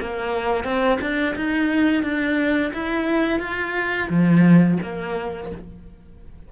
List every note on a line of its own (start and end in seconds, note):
0.00 0.64 A#3
0.64 0.98 C4
1.01 1.35 D4
1.36 2.03 D#4
2.03 2.72 D4
2.74 3.39 E4
3.39 4.08 F4
4.09 4.78 F3
4.83 5.52 A#3